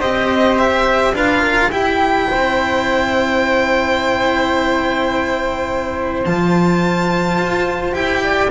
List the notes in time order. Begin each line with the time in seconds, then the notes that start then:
0.00 C4 G4 C5 D#5
0.58 E5
1.13 D4 F4 B4 F5
1.42 A#4
1.71 E4 G4 G5
2.31 C4 C5
6.26 F3 F4 A5
7.38 F4
7.93 E4 G4 G5
8.24 D5